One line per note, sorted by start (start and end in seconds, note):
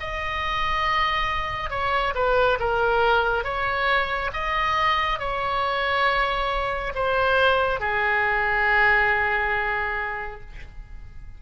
0.00 1.70 D#5
1.70 2.14 C#5
2.15 2.58 B4
2.60 3.44 A#4
3.44 4.31 C#5
4.33 5.19 D#5
5.19 6.93 C#5
6.95 7.80 C5
7.80 10.41 G#4